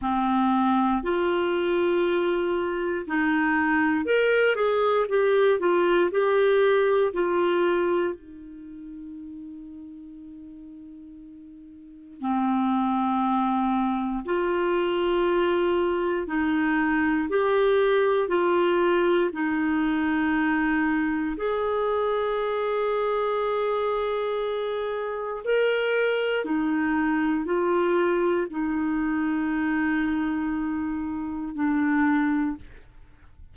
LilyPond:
\new Staff \with { instrumentName = "clarinet" } { \time 4/4 \tempo 4 = 59 c'4 f'2 dis'4 | ais'8 gis'8 g'8 f'8 g'4 f'4 | dis'1 | c'2 f'2 |
dis'4 g'4 f'4 dis'4~ | dis'4 gis'2.~ | gis'4 ais'4 dis'4 f'4 | dis'2. d'4 | }